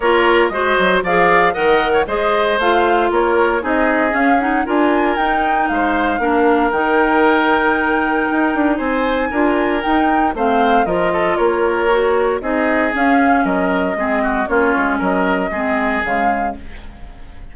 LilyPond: <<
  \new Staff \with { instrumentName = "flute" } { \time 4/4 \tempo 4 = 116 cis''4 dis''4 f''4 fis''4 | dis''4 f''4 cis''4 dis''4 | f''8 fis''8 gis''4 g''4 f''4~ | f''4 g''2.~ |
g''4 gis''2 g''4 | f''4 dis''4 cis''2 | dis''4 f''4 dis''2 | cis''4 dis''2 f''4 | }
  \new Staff \with { instrumentName = "oboe" } { \time 4/4 ais'4 c''4 d''4 dis''8. cis''16 | c''2 ais'4 gis'4~ | gis'4 ais'2 c''4 | ais'1~ |
ais'4 c''4 ais'2 | c''4 ais'8 a'8 ais'2 | gis'2 ais'4 gis'8 fis'8 | f'4 ais'4 gis'2 | }
  \new Staff \with { instrumentName = "clarinet" } { \time 4/4 f'4 fis'4 gis'4 ais'4 | gis'4 f'2 dis'4 | cis'8 dis'8 f'4 dis'2 | d'4 dis'2.~ |
dis'2 f'4 dis'4 | c'4 f'2 fis'4 | dis'4 cis'2 c'4 | cis'2 c'4 gis4 | }
  \new Staff \with { instrumentName = "bassoon" } { \time 4/4 ais4 gis8 fis8 f4 dis4 | gis4 a4 ais4 c'4 | cis'4 d'4 dis'4 gis4 | ais4 dis2. |
dis'8 d'8 c'4 d'4 dis'4 | a4 f4 ais2 | c'4 cis'4 fis4 gis4 | ais8 gis8 fis4 gis4 cis4 | }
>>